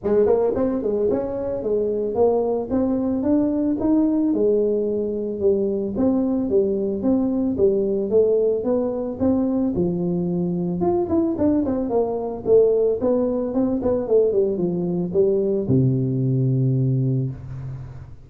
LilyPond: \new Staff \with { instrumentName = "tuba" } { \time 4/4 \tempo 4 = 111 gis8 ais8 c'8 gis8 cis'4 gis4 | ais4 c'4 d'4 dis'4 | gis2 g4 c'4 | g4 c'4 g4 a4 |
b4 c'4 f2 | f'8 e'8 d'8 c'8 ais4 a4 | b4 c'8 b8 a8 g8 f4 | g4 c2. | }